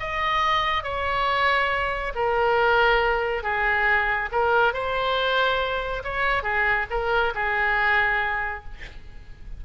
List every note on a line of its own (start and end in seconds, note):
0.00 0.84 D#5
0.84 2.13 C#5
2.15 3.43 A#4
3.43 4.30 G#4
4.32 4.74 A#4
4.74 6.03 C5
6.04 6.43 C#5
6.43 6.87 G#4
6.91 7.34 A#4
7.35 8.64 G#4